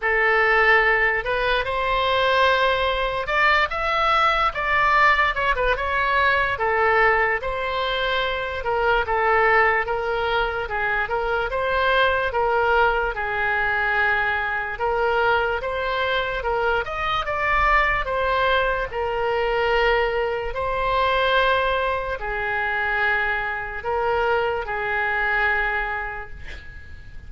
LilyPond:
\new Staff \with { instrumentName = "oboe" } { \time 4/4 \tempo 4 = 73 a'4. b'8 c''2 | d''8 e''4 d''4 cis''16 b'16 cis''4 | a'4 c''4. ais'8 a'4 | ais'4 gis'8 ais'8 c''4 ais'4 |
gis'2 ais'4 c''4 | ais'8 dis''8 d''4 c''4 ais'4~ | ais'4 c''2 gis'4~ | gis'4 ais'4 gis'2 | }